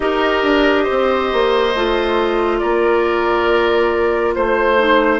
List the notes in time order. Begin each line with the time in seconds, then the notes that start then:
0.00 D#4 G4 A#4 D#5
0.43 D4
0.83 C5
0.90 C4
1.32 A#3
1.74 A3 F4
2.58 A#3 A#4 D5
4.34 A3 C5
4.78 D#4